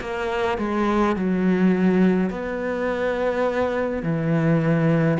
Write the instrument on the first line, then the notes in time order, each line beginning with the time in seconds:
cello
0.00 A#3
0.58 G#3
1.15 F#3
2.30 B3
4.02 E3